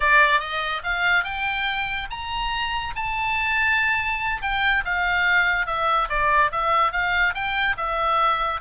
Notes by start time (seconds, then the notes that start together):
0.00 D5
0.40 D#5
0.83 F5
1.24 G5
2.10 A#5
2.95 A5
4.42 G5
4.84 F5
5.66 E5
6.09 D5
6.51 E5
6.92 F5
7.34 G5
7.77 E5